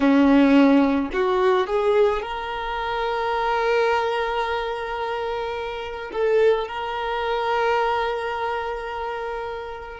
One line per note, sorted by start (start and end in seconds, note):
0.00 1.10 C#4
1.13 1.66 F#4
1.66 2.22 G#4
2.22 6.11 A#4
6.12 6.67 A4
6.67 9.99 A#4